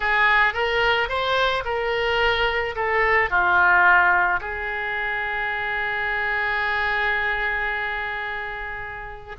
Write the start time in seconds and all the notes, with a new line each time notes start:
0.00 G#4
0.53 A#4
1.08 C5
1.65 A#4
2.75 A4
3.30 F4
4.40 G#4